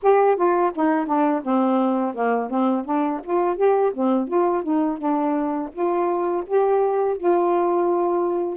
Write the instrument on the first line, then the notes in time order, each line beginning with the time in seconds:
saxophone
0.02 G4
0.36 F4
0.75 D#4
1.06 D4
1.43 C4
2.14 A#3
2.50 C4
2.84 D4
3.23 F4
3.56 G4
3.93 C4
4.27 F4
4.63 D#4
4.98 D4
5.72 F4
6.46 G4
7.17 F4